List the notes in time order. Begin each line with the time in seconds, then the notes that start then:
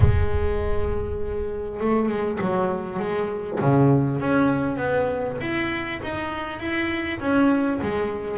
0.00 G#3
1.80 A3
2.08 G#3
2.40 F#3
2.99 G#3
3.60 C#3
4.20 C#4
4.76 B3
5.40 E4
6.02 D#4
6.59 E4
7.20 C#4
7.82 G#3